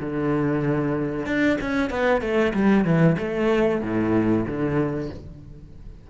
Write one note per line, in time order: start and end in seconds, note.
0.00 1.26 D3
1.26 1.58 D4
1.60 1.90 C#4
1.90 2.21 B3
2.21 2.53 A3
2.53 2.84 G3
2.84 3.16 E3
3.18 3.81 A3
3.81 4.45 A2
4.46 5.10 D3